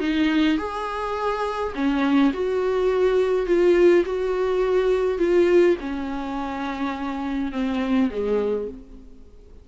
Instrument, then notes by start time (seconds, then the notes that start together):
viola
0.00 D#4
0.58 G#4
1.75 C#4
2.33 F#4
3.46 F4
4.05 F#4
5.18 F4
5.81 C#4
7.52 C4
8.11 G#3